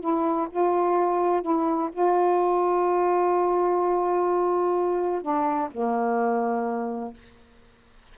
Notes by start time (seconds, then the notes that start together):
0.00 E4
0.50 F4
1.42 E4
1.92 F4
5.21 D4
5.71 A#3